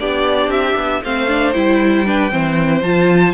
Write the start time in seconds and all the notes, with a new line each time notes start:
0.00 B3 D4 G4 D5
0.48 C4 E5
0.75 B3
1.03 A3 C4 C5 F5
1.28 D4
1.53 G3 E4 G5
2.06 D4 B4
2.30 E3 C4 C5
2.83 F3 F4 A5